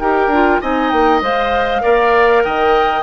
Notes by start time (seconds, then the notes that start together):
0.00 D#4 G4 A#4 G5
0.27 D4 F4
0.61 C4 D#4 D#5 G#5
0.90 A#3 G5
1.21 G#3 C5 F5
1.81 A#3 A#4 D5
2.44 D#3 D#5 G5